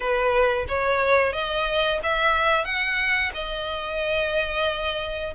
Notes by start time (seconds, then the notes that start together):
0.00 B4
0.68 C#5
1.32 D#5
2.03 E5
2.64 F#5
3.34 D#5